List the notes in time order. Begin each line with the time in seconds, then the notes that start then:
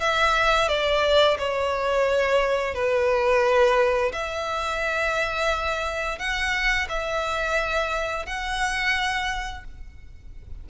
0.00 E5
0.68 D5
1.38 C#5
2.74 B4
4.12 E5
6.18 F#5
6.89 E5
8.26 F#5